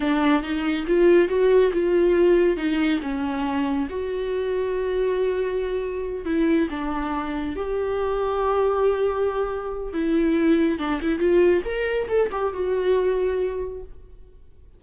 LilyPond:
\new Staff \with { instrumentName = "viola" } { \time 4/4 \tempo 4 = 139 d'4 dis'4 f'4 fis'4 | f'2 dis'4 cis'4~ | cis'4 fis'2.~ | fis'2~ fis'8 e'4 d'8~ |
d'4. g'2~ g'8~ | g'2. e'4~ | e'4 d'8 e'8 f'4 ais'4 | a'8 g'8 fis'2. | }